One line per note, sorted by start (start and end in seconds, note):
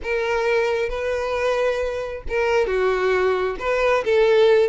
0.02 0.89 A#4
0.89 2.23 B4
2.28 2.66 A#4
2.66 3.56 F#4
3.59 4.04 B4
4.04 4.69 A4